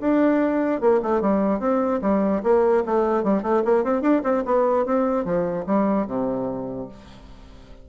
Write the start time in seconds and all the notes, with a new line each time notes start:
0.00 D4
0.80 A#3
1.02 A3
1.21 G3
1.59 C4
2.01 G3
2.43 A#3
2.85 A3
3.23 G3
3.42 A3
3.64 A#3
3.84 C4
4.01 D4
4.23 C4
4.45 B3
4.85 C4
5.24 F3
5.66 G3
6.07 C3